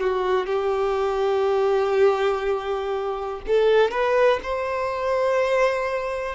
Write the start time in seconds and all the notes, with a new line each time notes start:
0.00 F#4
0.46 G4
3.47 A4
3.91 B4
4.43 C5